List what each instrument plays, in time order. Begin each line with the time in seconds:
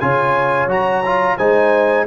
0.00 tuba C#3, trombone F4, horn C#5, trumpet G#5
0.68 tuba F#3, trombone F#4, trumpet A#5
1.06 trombone F4
1.38 tuba G#3, trombone D#4, horn C5, trumpet G#5